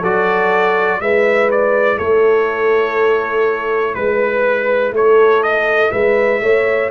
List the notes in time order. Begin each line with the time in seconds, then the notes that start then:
0.00 F#3 F#4 A4 D5
1.00 G#3 E4 B4 E5
1.51 D5
1.98 A3 A4 C#5
3.95 G#3 B4
4.92 A3 A4 C#5
5.43 D#5
5.92 G#3 B4 E5
6.41 A3 C#5